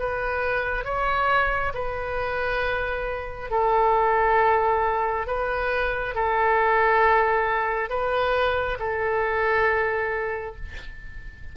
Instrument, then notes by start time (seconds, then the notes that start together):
oboe
0.00 B4
0.85 C#5
1.74 B4
3.51 A4
5.27 B4
6.15 A4
7.90 B4
8.80 A4